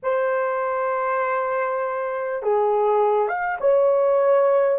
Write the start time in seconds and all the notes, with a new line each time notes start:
0.02 C5
2.42 G#4
3.28 F5
3.60 C#5